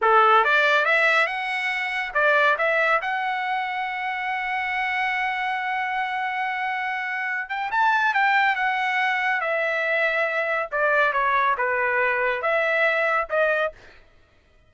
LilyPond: \new Staff \with { instrumentName = "trumpet" } { \time 4/4 \tempo 4 = 140 a'4 d''4 e''4 fis''4~ | fis''4 d''4 e''4 fis''4~ | fis''1~ | fis''1~ |
fis''4. g''8 a''4 g''4 | fis''2 e''2~ | e''4 d''4 cis''4 b'4~ | b'4 e''2 dis''4 | }